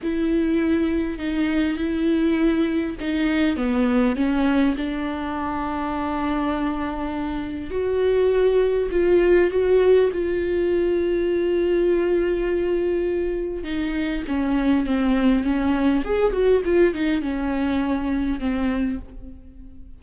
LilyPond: \new Staff \with { instrumentName = "viola" } { \time 4/4 \tempo 4 = 101 e'2 dis'4 e'4~ | e'4 dis'4 b4 cis'4 | d'1~ | d'4 fis'2 f'4 |
fis'4 f'2.~ | f'2. dis'4 | cis'4 c'4 cis'4 gis'8 fis'8 | f'8 dis'8 cis'2 c'4 | }